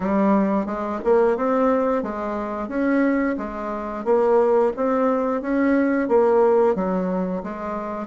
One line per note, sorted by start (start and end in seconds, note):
0.00 0.66 G3
0.66 0.99 G#3
1.04 1.36 A#3
1.36 2.02 C4
2.02 2.68 G#3
2.68 3.36 C#4
3.37 4.04 G#3
4.04 4.72 A#3
4.76 5.41 C4
5.41 6.08 C#4
6.08 6.75 A#3
6.75 7.42 F#3
7.43 8.07 G#3